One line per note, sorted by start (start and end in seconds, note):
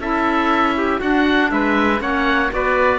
0.00 1.00 C#4
0.00 1.02 E4
0.00 0.77 A4
0.00 1.01 E5
0.78 1.00 G4
1.00 2.00 D4
1.00 1.52 D4
1.00 1.50 F#4
1.00 1.51 F#5
1.52 2.01 G#3
1.52 2.02 B4
1.52 2.02 E5
2.00 2.51 A#3
2.00 2.50 C#4
2.00 2.52 C#5
2.00 2.52 F#5
2.50 2.99 B3
2.50 2.99 F#4
2.50 2.99 B4
2.50 2.99 D5